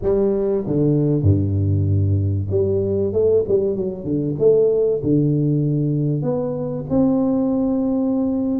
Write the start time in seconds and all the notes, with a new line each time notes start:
0.02 G3
0.66 D3
1.22 G2
2.50 G3
3.12 A3
3.47 G3
3.76 F#3
4.04 D3
4.39 A3
5.03 D3
6.22 B3
6.89 C4